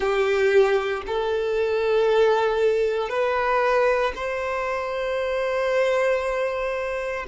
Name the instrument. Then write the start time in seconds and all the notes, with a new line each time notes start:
violin
0.00 G4
1.06 A4
3.09 B4
4.15 C5